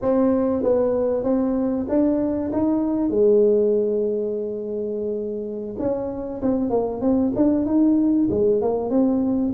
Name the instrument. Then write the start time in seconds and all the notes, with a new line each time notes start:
tuba
0.01 C4
0.62 B3
1.23 C4
1.88 D4
2.52 D#4
3.10 G#3
5.78 C#4
6.41 C4
6.70 A#3
7.01 C4
7.35 D4
7.65 D#4
8.30 G#3
8.61 A#3
8.90 C4